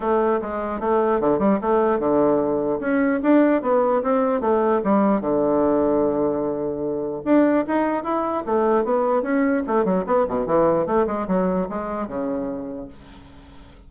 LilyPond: \new Staff \with { instrumentName = "bassoon" } { \time 4/4 \tempo 4 = 149 a4 gis4 a4 d8 g8 | a4 d2 cis'4 | d'4 b4 c'4 a4 | g4 d2.~ |
d2 d'4 dis'4 | e'4 a4 b4 cis'4 | a8 fis8 b8 b,8 e4 a8 gis8 | fis4 gis4 cis2 | }